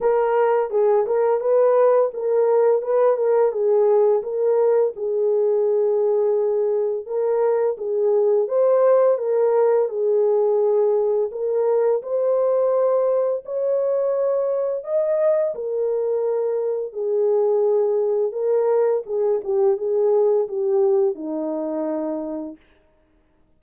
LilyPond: \new Staff \with { instrumentName = "horn" } { \time 4/4 \tempo 4 = 85 ais'4 gis'8 ais'8 b'4 ais'4 | b'8 ais'8 gis'4 ais'4 gis'4~ | gis'2 ais'4 gis'4 | c''4 ais'4 gis'2 |
ais'4 c''2 cis''4~ | cis''4 dis''4 ais'2 | gis'2 ais'4 gis'8 g'8 | gis'4 g'4 dis'2 | }